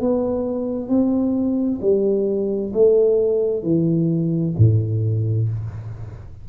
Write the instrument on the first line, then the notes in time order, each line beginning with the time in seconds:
tuba
0.00 B3
0.88 C4
1.81 G3
2.73 A3
3.62 E3
4.57 A2